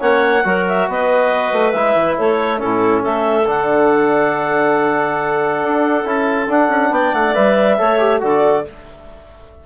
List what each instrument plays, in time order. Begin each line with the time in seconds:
0.00 bassoon A#3, trombone C#4, clarinet C#5 F#5
0.44 bassoon F#3, trombone F#4, clarinet A#4
0.68 clarinet E5
0.88 bassoon B3, clarinet B4 D#5
1.53 bassoon A3
1.72 bassoon G#3, trombone E4, clarinet E5
1.95 bassoon E3
2.18 bassoon A3, clarinet A4 C#5
2.58 bassoon A2, trombone C#4, clarinet E4 A4
3.02 bassoon A3, clarinet A4 E5
3.47 bassoon D3, trombone D4, clarinet F#5
5.63 bassoon D4
6.05 bassoon C#4, trombone E4, clarinet A5
6.49 bassoon D4, trombone D4, clarinet F#5
6.69 bassoon C#4
6.91 bassoon B3, clarinet D5 G5
7.14 bassoon A3, clarinet F#5
7.34 bassoon G3, trombone B4, clarinet E5
7.78 bassoon A3, trombone A4, clarinet C#5
7.99 trombone G4
8.21 bassoon D3, trombone F#4, clarinet A4 D5